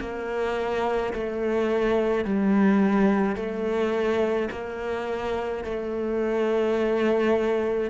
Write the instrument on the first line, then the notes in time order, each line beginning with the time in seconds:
cello
0.00 A#3
1.14 A3
2.25 G3
3.36 A3
4.51 A#3
5.64 A3